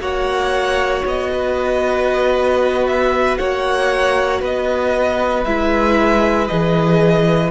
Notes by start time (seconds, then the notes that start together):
0.00 A#3 F#4 C#5 F#5
1.05 B3 D#5
1.33 B4
2.87 E5
3.38 A#3 C#5 F#5
4.41 B3 B4 D#5
5.44 G#3 E4 E5
6.48 E3 G#4 D#5